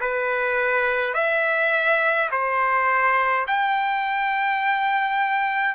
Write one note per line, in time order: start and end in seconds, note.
0.00 1.14 B4
1.14 2.29 E5
2.31 3.46 C5
3.47 5.75 G5